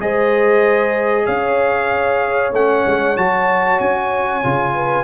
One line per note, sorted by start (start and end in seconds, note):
0.00 1.27 G#3
0.00 2.53 G#4
0.00 1.26 C5
0.00 1.26 D#5
1.26 2.52 C#4
1.26 4.73 C#5
1.26 2.52 F5
2.52 2.84 A3
2.52 3.17 C#4
2.52 3.17 F#5
2.87 3.17 G#3
3.17 3.80 F#3
3.17 4.43 F#4
3.17 3.80 A5
3.80 4.43 C#4
3.80 5.04 G#5
4.43 5.04 C#3
4.43 5.04 F4
4.74 5.04 B4